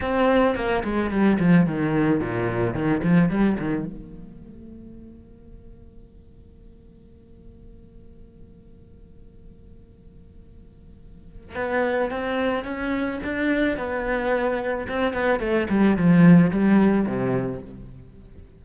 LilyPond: \new Staff \with { instrumentName = "cello" } { \time 4/4 \tempo 4 = 109 c'4 ais8 gis8 g8 f8 dis4 | ais,4 dis8 f8 g8 dis8 ais4~ | ais1~ | ais1~ |
ais1~ | ais4 b4 c'4 cis'4 | d'4 b2 c'8 b8 | a8 g8 f4 g4 c4 | }